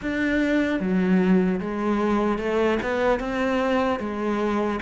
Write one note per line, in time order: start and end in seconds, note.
0.02 0.80 D4
0.80 1.60 F#3
1.60 2.38 G#3
2.38 2.78 A3
2.82 3.19 B3
3.19 3.99 C4
3.99 4.79 G#3